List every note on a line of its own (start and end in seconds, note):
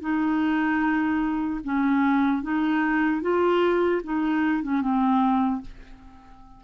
0.00 1.60 D#4
1.64 2.42 C#4
2.42 3.21 D#4
3.21 4.01 F4
4.03 4.63 D#4
4.63 4.81 C#4
4.81 5.61 C4